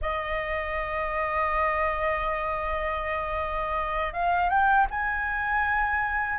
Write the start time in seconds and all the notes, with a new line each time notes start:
0.01 D#5
4.13 F5
4.49 G5
4.90 G#5